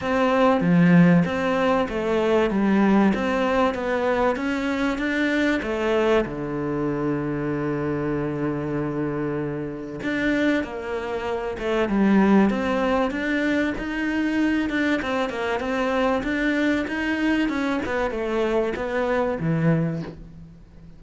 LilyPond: \new Staff \with { instrumentName = "cello" } { \time 4/4 \tempo 4 = 96 c'4 f4 c'4 a4 | g4 c'4 b4 cis'4 | d'4 a4 d2~ | d1 |
d'4 ais4. a8 g4 | c'4 d'4 dis'4. d'8 | c'8 ais8 c'4 d'4 dis'4 | cis'8 b8 a4 b4 e4 | }